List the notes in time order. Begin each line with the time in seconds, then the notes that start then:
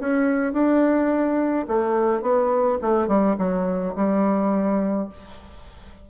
0.00 C#4
0.53 D4
1.68 A3
2.22 B3
2.82 A3
3.08 G3
3.39 F#3
3.96 G3